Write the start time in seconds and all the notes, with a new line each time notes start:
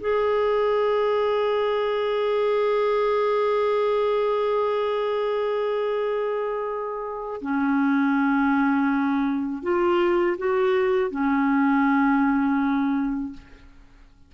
0.00 G#4
7.41 C#4
9.62 F4
10.37 F#4
11.10 C#4